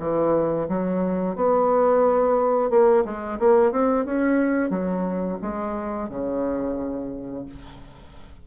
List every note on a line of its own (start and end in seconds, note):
0.00 0.68 E3
0.69 1.36 F#3
1.36 2.71 B3
2.71 3.05 A#3
3.05 3.39 G#3
3.40 3.72 A#3
3.72 4.06 C4
4.06 4.70 C#4
4.70 5.39 F#3
5.42 6.10 G#3
6.10 7.46 C#3